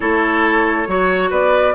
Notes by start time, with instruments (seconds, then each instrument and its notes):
0.00 bassoon A3, clarinet E4, oboe A4, flute C#5
0.87 bassoon F#3, clarinet F#4, oboe C#5
1.30 bassoon B3, oboe B4, flute D5